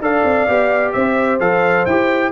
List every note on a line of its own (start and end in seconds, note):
0.00 0.23 D4
0.00 0.48 A4
0.00 0.95 D5
0.00 0.92 F5
0.24 0.47 C4
0.48 0.94 B3
0.48 1.40 G4
0.92 1.40 C4
0.92 2.31 C5
0.92 1.38 E5
1.40 1.86 F3
1.40 1.86 A4
1.40 1.86 F5
1.86 2.31 E4
1.86 2.31 G4
1.86 2.31 G5